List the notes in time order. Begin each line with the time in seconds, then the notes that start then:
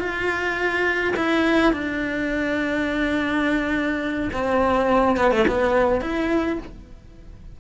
0.00 F4
1.17 E4
1.73 D4
4.33 C4
5.17 B3
5.31 A3
5.48 B3
6.02 E4